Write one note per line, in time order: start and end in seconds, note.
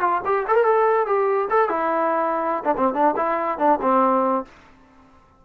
0.00 0.21 F4
0.25 0.46 G4
0.47 0.55 A4
0.55 0.64 A#4
0.64 1.06 A4
1.06 1.48 G4
1.50 1.69 A4
1.69 2.63 E4
2.64 2.74 D4
2.76 2.94 C4
2.94 3.14 D4
3.16 3.58 E4
3.58 3.79 D4
3.81 4.44 C4